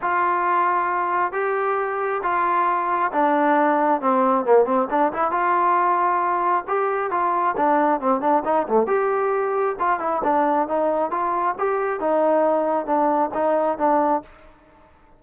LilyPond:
\new Staff \with { instrumentName = "trombone" } { \time 4/4 \tempo 4 = 135 f'2. g'4~ | g'4 f'2 d'4~ | d'4 c'4 ais8 c'8 d'8 e'8 | f'2. g'4 |
f'4 d'4 c'8 d'8 dis'8 a8 | g'2 f'8 e'8 d'4 | dis'4 f'4 g'4 dis'4~ | dis'4 d'4 dis'4 d'4 | }